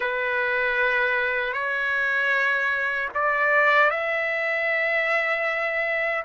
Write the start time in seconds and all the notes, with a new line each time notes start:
0.00 B4
1.53 C#5
3.14 D5
3.90 E5